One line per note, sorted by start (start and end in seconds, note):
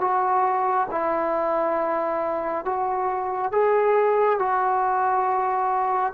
0.00 0.87 F#4
0.91 2.64 E4
2.64 3.51 F#4
3.51 4.38 G#4
4.38 6.12 F#4